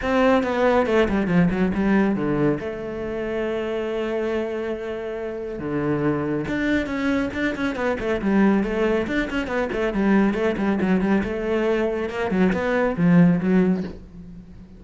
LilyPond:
\new Staff \with { instrumentName = "cello" } { \time 4/4 \tempo 4 = 139 c'4 b4 a8 g8 f8 fis8 | g4 d4 a2~ | a1~ | a4 d2 d'4 |
cis'4 d'8 cis'8 b8 a8 g4 | a4 d'8 cis'8 b8 a8 g4 | a8 g8 fis8 g8 a2 | ais8 fis8 b4 f4 fis4 | }